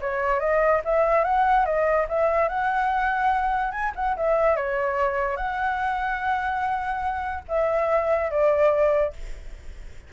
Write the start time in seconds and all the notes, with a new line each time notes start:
0.00 C#5
0.39 D#5
0.84 E5
1.24 F#5
1.65 D#5
2.08 E5
2.48 F#5
3.71 G#5
3.95 F#5
4.16 E5
4.56 C#5
5.36 F#5
7.48 E5
8.30 D5